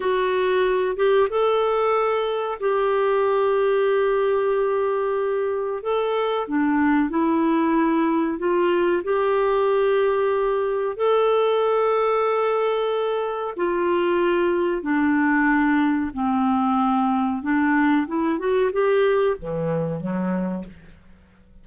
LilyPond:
\new Staff \with { instrumentName = "clarinet" } { \time 4/4 \tempo 4 = 93 fis'4. g'8 a'2 | g'1~ | g'4 a'4 d'4 e'4~ | e'4 f'4 g'2~ |
g'4 a'2.~ | a'4 f'2 d'4~ | d'4 c'2 d'4 | e'8 fis'8 g'4 e4 fis4 | }